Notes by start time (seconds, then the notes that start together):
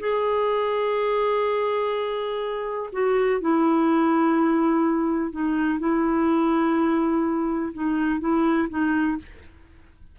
0.00 G#4
2.93 F#4
3.41 E4
5.32 D#4
5.79 E4
7.74 D#4
8.20 E4
8.70 D#4